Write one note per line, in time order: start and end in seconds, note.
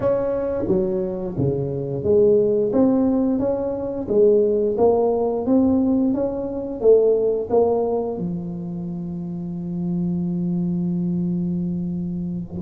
0.00 0.64 C#4
0.67 1.35 F#3
1.37 2.03 C#3
2.03 2.71 G#3
2.72 3.39 C4
3.39 4.07 C#4
4.08 4.76 G#3
4.77 5.45 A#3
5.46 6.14 C4
6.14 6.80 C#4
6.80 7.48 A3
7.49 8.18 A#3
8.18 12.61 F3